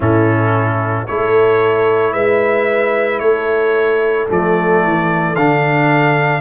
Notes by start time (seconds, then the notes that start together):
0.00 A2 C#4 E4 A4
1.06 A3 E4 A4 C#5
2.13 G#3 B4 E5
3.19 A3 A4 C#5
4.28 F3 A3 D5
4.84 E3
5.35 D3 D4 F5